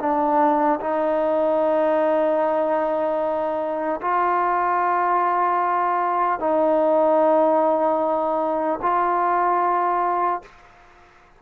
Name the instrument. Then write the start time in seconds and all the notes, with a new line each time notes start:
trombone
0.00 D4
0.81 D#4
4.02 F4
6.40 D#4
8.82 F4